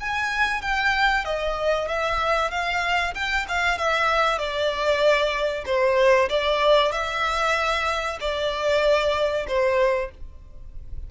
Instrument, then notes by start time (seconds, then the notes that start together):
violin
0.00 G#5
0.62 G5
1.25 D#5
1.88 E5
2.51 F5
3.15 G5
3.49 F5
3.78 E5
4.38 D5
5.66 C5
6.29 D5
6.92 E5
8.20 D5
9.48 C5